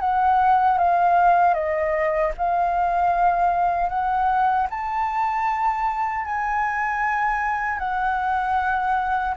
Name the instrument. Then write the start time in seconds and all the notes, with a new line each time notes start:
flute
0.00 F#5
0.78 F5
1.54 D#5
2.38 F5
3.89 F#5
4.70 A5
6.25 G#5
7.79 F#5